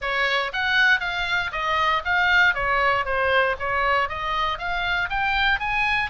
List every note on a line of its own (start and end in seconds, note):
0.01 0.52 C#5
0.52 1.00 F#5
1.00 1.51 F5
1.52 2.02 D#5
2.05 2.54 F5
2.54 3.05 C#5
3.05 3.55 C5
3.59 4.08 C#5
4.08 4.58 D#5
4.58 5.09 F5
5.09 5.59 G5
5.59 6.10 G#5